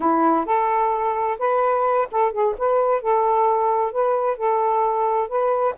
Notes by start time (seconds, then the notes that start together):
0.00 E4
0.45 A4
1.38 B4
2.11 A4
2.32 G#4
2.57 B4
3.01 A4
3.91 B4
4.37 A4
5.28 B4